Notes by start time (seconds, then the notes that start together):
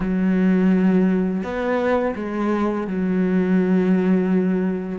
0.00 F#3
1.43 B3
2.15 G#3
2.87 F#3